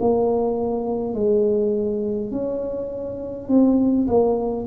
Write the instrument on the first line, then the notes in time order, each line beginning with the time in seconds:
tuba
0.00 A#3
1.14 G#3
2.31 C#4
3.48 C4
4.07 A#3